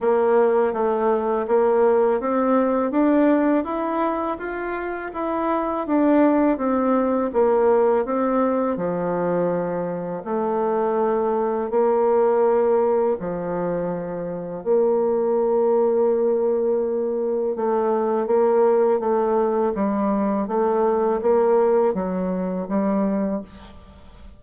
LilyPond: \new Staff \with { instrumentName = "bassoon" } { \time 4/4 \tempo 4 = 82 ais4 a4 ais4 c'4 | d'4 e'4 f'4 e'4 | d'4 c'4 ais4 c'4 | f2 a2 |
ais2 f2 | ais1 | a4 ais4 a4 g4 | a4 ais4 fis4 g4 | }